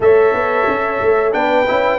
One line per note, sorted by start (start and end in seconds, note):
0.00 0.33 A3
0.00 1.32 A4
0.00 1.35 C#5
0.00 1.33 E5
0.33 0.67 B3
0.67 1.00 C#4
1.01 1.33 A3
1.32 1.67 B3
1.32 1.65 D4
1.32 1.98 B4
1.32 1.98 G5
1.67 1.98 C#4
1.67 1.98 E4